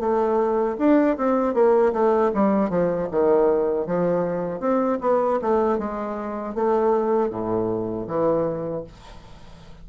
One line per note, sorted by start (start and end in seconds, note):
0.00 0.77 A3
0.79 1.17 D4
1.17 1.54 C4
1.54 1.93 A#3
1.93 2.32 A3
2.34 2.70 G3
2.70 3.08 F3
3.12 3.87 D#3
3.87 4.60 F3
4.60 4.99 C4
5.01 5.40 B3
5.42 5.79 A3
5.79 6.55 G#3
6.55 7.30 A3
7.30 8.07 A2
8.08 8.85 E3